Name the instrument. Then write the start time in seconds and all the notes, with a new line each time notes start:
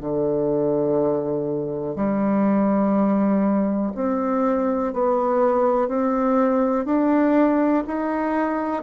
bassoon
0.00 D3
1.96 G3
3.95 C4
4.93 B3
5.88 C4
6.85 D4
7.87 D#4